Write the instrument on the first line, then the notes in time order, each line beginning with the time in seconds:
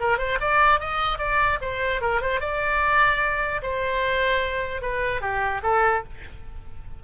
oboe
0.00 A#4
0.18 C5
0.40 D5
0.80 D#5
1.19 D5
1.61 C5
2.01 A#4
2.21 C5
2.41 D5
3.62 C5
4.81 B4
5.21 G4
5.63 A4